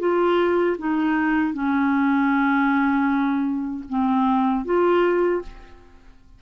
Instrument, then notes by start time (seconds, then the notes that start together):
clarinet
0.00 F4
0.78 D#4
1.54 C#4
3.90 C4
4.65 F4